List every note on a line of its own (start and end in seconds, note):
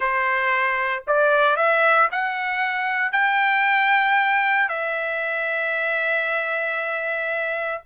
0.00 1.03 C5
1.07 1.56 D5
1.56 2.08 E5
2.11 3.12 F#5
3.12 4.68 G5
4.68 7.81 E5